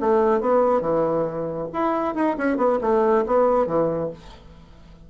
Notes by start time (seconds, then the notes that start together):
0.00 A3
0.41 B3
0.81 E3
1.73 E4
2.15 D#4
2.37 C#4
2.57 B3
2.81 A3
3.26 B3
3.67 E3